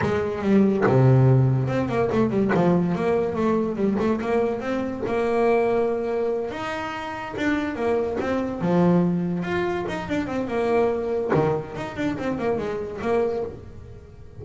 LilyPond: \new Staff \with { instrumentName = "double bass" } { \time 4/4 \tempo 4 = 143 gis4 g4 c2 | c'8 ais8 a8 g8 f4 ais4 | a4 g8 a8 ais4 c'4 | ais2.~ ais8 dis'8~ |
dis'4. d'4 ais4 c'8~ | c'8 f2 f'4 dis'8 | d'8 c'8 ais2 dis4 | dis'8 d'8 c'8 ais8 gis4 ais4 | }